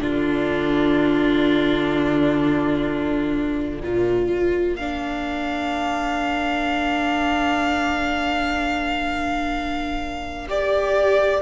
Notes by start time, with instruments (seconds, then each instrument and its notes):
0.00 cello D3, viola D4, violin F4 D5
3.83 cello A#2, viola F4, violin A#4
4.29 cello A#3
4.76 viola D4, violin F5
10.48 viola G4, violin D5